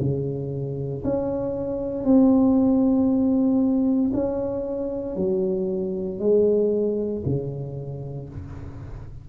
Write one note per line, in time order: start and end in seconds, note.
0.00 1.03 C#3
1.04 2.05 C#4
2.05 4.11 C4
4.14 5.16 C#4
5.16 6.20 F#3
6.20 7.23 G#3
7.26 8.29 C#3